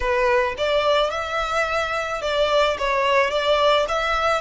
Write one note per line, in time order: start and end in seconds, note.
0.00 0.55 B4
0.57 1.10 D5
1.10 2.21 E5
2.21 2.77 D5
2.78 3.30 C#5
3.30 3.86 D5
3.88 4.41 E5